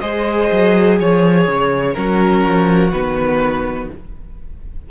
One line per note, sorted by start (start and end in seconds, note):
0.00 0.50 G#3
0.00 1.95 G#4
0.00 0.98 C5
0.00 0.97 D#5
0.52 1.00 F#3
0.99 1.47 F3
0.99 1.96 C#5
0.99 1.94 C#5
1.47 1.95 C#3
1.94 2.45 F#3
1.94 2.91 C#4
1.94 3.91 F#4
1.94 2.91 A#4
2.45 2.92 F3
2.91 3.89 D#3
2.91 3.90 B3
2.91 3.88 B4